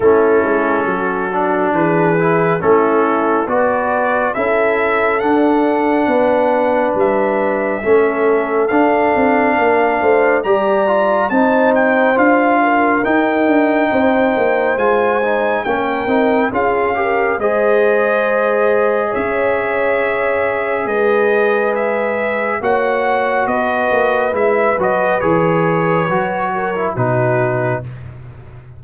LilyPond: <<
  \new Staff \with { instrumentName = "trumpet" } { \time 4/4 \tempo 4 = 69 a'2 b'4 a'4 | d''4 e''4 fis''2 | e''2 f''2 | ais''4 a''8 g''8 f''4 g''4~ |
g''4 gis''4 g''4 f''4 | dis''2 e''2 | dis''4 e''4 fis''4 dis''4 | e''8 dis''8 cis''2 b'4 | }
  \new Staff \with { instrumentName = "horn" } { \time 4/4 e'4 fis'4 gis'4 e'4 | b'4 a'2 b'4~ | b'4 a'2 ais'8 c''8 | d''4 c''4. ais'4. |
c''2 ais'4 gis'8 ais'8 | c''2 cis''2 | b'2 cis''4 b'4~ | b'2~ b'8 ais'8 fis'4 | }
  \new Staff \with { instrumentName = "trombone" } { \time 4/4 cis'4. d'4 e'8 cis'4 | fis'4 e'4 d'2~ | d'4 cis'4 d'2 | g'8 f'8 dis'4 f'4 dis'4~ |
dis'4 f'8 dis'8 cis'8 dis'8 f'8 g'8 | gis'1~ | gis'2 fis'2 | e'8 fis'8 gis'4 fis'8. e'16 dis'4 | }
  \new Staff \with { instrumentName = "tuba" } { \time 4/4 a8 gis8 fis4 e4 a4 | b4 cis'4 d'4 b4 | g4 a4 d'8 c'8 ais8 a8 | g4 c'4 d'4 dis'8 d'8 |
c'8 ais8 gis4 ais8 c'8 cis'4 | gis2 cis'2 | gis2 ais4 b8 ais8 | gis8 fis8 e4 fis4 b,4 | }
>>